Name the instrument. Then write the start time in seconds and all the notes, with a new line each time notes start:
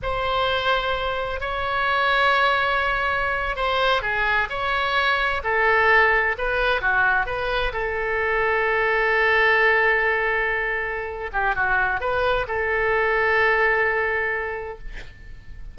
oboe
0.02 C5
1.40 C#5
3.56 C5
4.02 G#4
4.49 C#5
5.43 A4
6.38 B4
6.81 F#4
7.26 B4
7.72 A4
11.32 G4
11.55 F#4
12.00 B4
12.47 A4